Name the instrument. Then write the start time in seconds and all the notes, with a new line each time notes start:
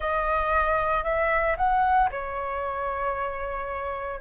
flute
0.00 D#5
1.03 E5
1.57 F#5
2.11 C#5